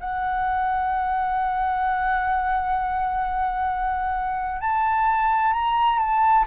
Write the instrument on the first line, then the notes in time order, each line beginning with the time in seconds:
flute
0.00 F#5
4.61 A5
5.53 A#5
5.99 A5